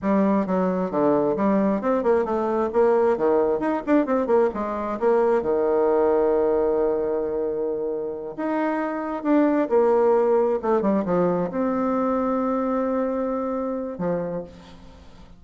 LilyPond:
\new Staff \with { instrumentName = "bassoon" } { \time 4/4 \tempo 4 = 133 g4 fis4 d4 g4 | c'8 ais8 a4 ais4 dis4 | dis'8 d'8 c'8 ais8 gis4 ais4 | dis1~ |
dis2~ dis8 dis'4.~ | dis'8 d'4 ais2 a8 | g8 f4 c'2~ c'8~ | c'2. f4 | }